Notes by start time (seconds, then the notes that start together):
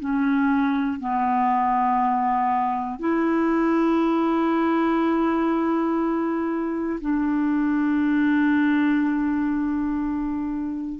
0.00 C#4
1.00 B3
3.00 E4
7.00 D4